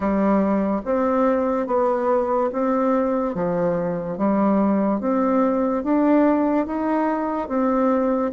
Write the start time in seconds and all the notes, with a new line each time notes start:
0.00 G3
0.85 C4
1.67 B3
2.52 C4
3.34 F3
4.17 G3
5.00 C4
5.83 D4
6.66 D#4
7.48 C4